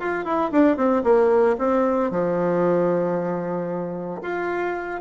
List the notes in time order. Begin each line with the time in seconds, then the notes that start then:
0.00 F4
0.25 E4
0.52 D4
0.77 C4
1.04 A#3
1.59 C4
2.11 F3
4.22 F4